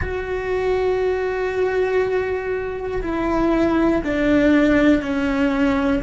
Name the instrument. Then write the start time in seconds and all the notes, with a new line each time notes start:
cello
0.01 F#4
3.01 E4
4.04 D4
5.01 C#4